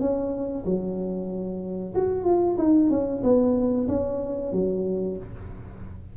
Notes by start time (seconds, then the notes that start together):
0.00 C#4
0.65 F#3
1.95 F#4
2.25 F4
2.58 D#4
2.90 C#4
3.23 B3
3.88 C#4
4.52 F#3